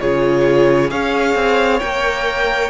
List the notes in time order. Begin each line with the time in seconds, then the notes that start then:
0.00 C#3 F4 G#4 C#5
0.90 C#4 G#4 C#5 F5
1.35 C4
1.80 A#3 A#4 G5